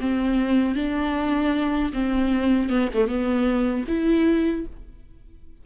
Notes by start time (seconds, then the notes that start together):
0.00 C4
0.75 D4
1.93 C4
2.69 B3
2.94 A3
3.07 B3
3.87 E4